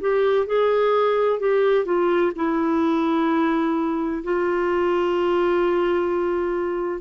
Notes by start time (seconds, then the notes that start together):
0.00 G4
0.46 G#4
1.39 G4
1.85 F4
2.36 E4
4.24 F4